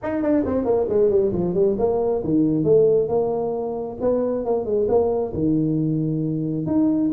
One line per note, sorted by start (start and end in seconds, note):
0.02 0.22 D#4
0.22 0.44 D4
0.45 0.64 C4
0.64 0.87 A#3
0.88 1.09 G#3
1.09 1.32 G3
1.32 1.54 F3
1.54 1.76 G3
1.78 2.22 A#3
2.24 2.63 D#3
2.63 3.08 A3
3.08 3.97 A#3
4.00 4.45 B3
4.45 4.65 A#3
4.65 4.87 G#3
4.88 5.32 A#3
5.33 6.66 D#3
6.66 7.10 D#4